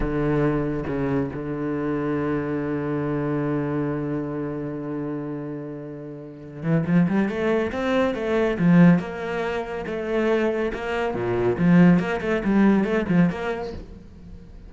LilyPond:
\new Staff \with { instrumentName = "cello" } { \time 4/4 \tempo 4 = 140 d2 cis4 d4~ | d1~ | d1~ | d2.~ d8 e8 |
f8 g8 a4 c'4 a4 | f4 ais2 a4~ | a4 ais4 ais,4 f4 | ais8 a8 g4 a8 f8 ais4 | }